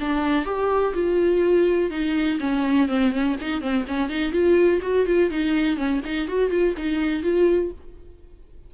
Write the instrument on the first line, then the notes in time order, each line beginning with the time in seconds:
viola
0.00 D4
0.46 G4
0.94 F4
1.90 D#4
2.40 C#4
2.88 C4
3.12 C#4
3.41 D#4
3.61 C4
3.88 C#4
4.10 D#4
4.32 F4
4.82 F#4
5.06 F4
5.30 D#4
5.77 C#4
6.05 D#4
6.28 F#4
6.51 F4
6.77 D#4
7.23 F4